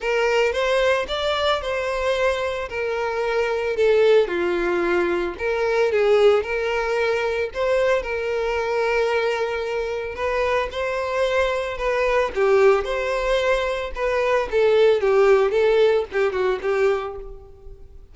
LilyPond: \new Staff \with { instrumentName = "violin" } { \time 4/4 \tempo 4 = 112 ais'4 c''4 d''4 c''4~ | c''4 ais'2 a'4 | f'2 ais'4 gis'4 | ais'2 c''4 ais'4~ |
ais'2. b'4 | c''2 b'4 g'4 | c''2 b'4 a'4 | g'4 a'4 g'8 fis'8 g'4 | }